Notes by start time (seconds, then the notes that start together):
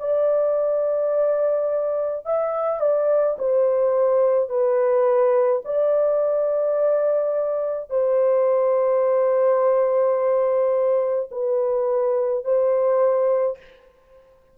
0.00 D5
2.26 E5
2.81 D5
3.39 C5
4.49 B4
5.65 D5
7.90 C5
11.32 B4
12.45 C5